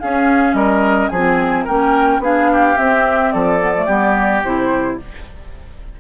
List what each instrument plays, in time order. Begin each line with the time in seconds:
0.00 bassoon C#4, clarinet C#4, oboe G#4, flute F5
0.54 bassoon G3, oboe A#4, flute D#5
1.09 bassoon F3, oboe G#4, flute G#5
1.15 clarinet C4
1.64 bassoon A#3, clarinet C#4, oboe A#4, flute G5
2.19 bassoon B3, clarinet D4, oboe G#4, flute F5
2.52 oboe G4
2.77 clarinet C4, bassoon C4, flute E5
3.32 bassoon F3, oboe A4, flute D5
3.60 clarinet B3
3.76 clarinet A3
3.86 bassoon G3, clarinet B3, oboe G4
4.43 bassoon C3, clarinet E4, flute C5